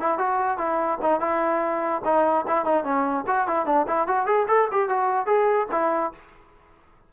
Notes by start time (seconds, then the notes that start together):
0.00 E4
0.18 F#4
0.58 E4
1.02 D#4
1.20 E4
2.05 D#4
2.47 E4
2.65 D#4
2.84 C#4
3.27 F#4
3.47 E4
3.66 D4
3.87 E4
4.07 F#4
4.26 G#4
4.48 A4
4.71 G4
4.89 F#4
5.26 G#4
5.72 E4